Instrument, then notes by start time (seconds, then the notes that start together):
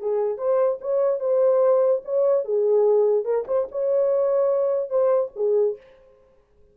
horn
0.00 G#4
0.38 C5
0.81 C#5
1.20 C5
2.05 C#5
2.45 G#4
3.25 A#4
3.47 C5
3.71 C#5
4.90 C5
5.36 G#4